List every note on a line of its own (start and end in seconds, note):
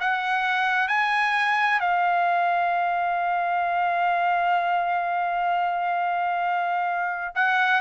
0.00 0.88 F#5
0.88 1.80 G#5
1.80 7.34 F5
7.35 7.81 F#5